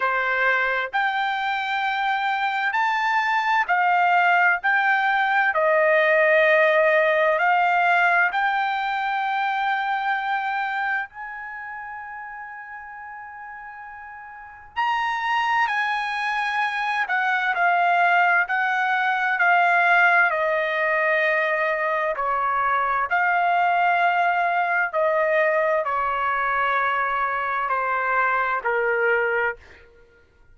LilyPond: \new Staff \with { instrumentName = "trumpet" } { \time 4/4 \tempo 4 = 65 c''4 g''2 a''4 | f''4 g''4 dis''2 | f''4 g''2. | gis''1 |
ais''4 gis''4. fis''8 f''4 | fis''4 f''4 dis''2 | cis''4 f''2 dis''4 | cis''2 c''4 ais'4 | }